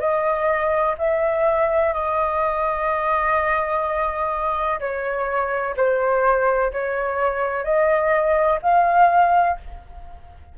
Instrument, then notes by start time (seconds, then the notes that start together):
flute
0.00 D#5
0.98 E5
1.94 D#5
4.80 C#5
5.77 C5
6.73 C#5
7.65 D#5
8.63 F5